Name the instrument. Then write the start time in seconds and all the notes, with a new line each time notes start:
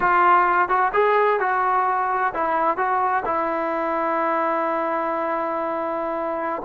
trombone
0.00 F4
0.68 F#4
0.93 G#4
1.40 F#4
2.33 E4
2.77 F#4
3.25 E4